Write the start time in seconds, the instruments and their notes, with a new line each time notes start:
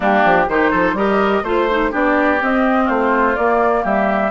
0.00 bassoon G3, clarinet A#3, oboe D4, flute G4
0.24 bassoon F3
0.48 bassoon D#3, clarinet D#4, oboe G4, flute C5
0.70 bassoon F3, oboe A4
0.93 bassoon G3, clarinet G4, oboe A#4, flute D#5
1.43 bassoon A3, clarinet F4, oboe C5, flute C5
1.70 clarinet D#4
1.91 bassoon B3, clarinet D4, oboe G4, flute D5
2.41 bassoon C4, clarinet C4, flute D#5
2.84 bassoon A3, oboe F4, flute C5
3.35 clarinet A#3, bassoon A#3, flute D5
3.83 bassoon G3, oboe G4, flute E5